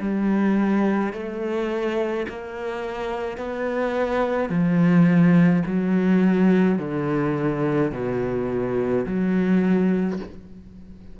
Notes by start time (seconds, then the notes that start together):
0.00 G3
1.13 A3
2.29 A#3
3.38 B3
4.50 F3
5.66 F#3
6.79 D3
7.92 B2
9.07 F#3